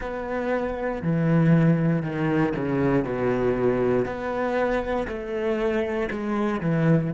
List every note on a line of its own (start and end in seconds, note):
0.00 1.02 B3
1.02 2.02 E3
2.02 2.53 D#3
2.56 3.05 C#3
3.05 4.05 B2
4.05 5.07 B3
5.07 6.09 A3
6.10 6.60 G#3
6.60 7.11 E3